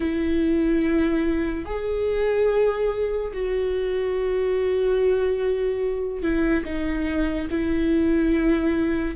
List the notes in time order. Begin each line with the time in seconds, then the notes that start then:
0.00 E4
1.65 G#4
3.33 F#4
6.22 E4
6.64 D#4
7.50 E4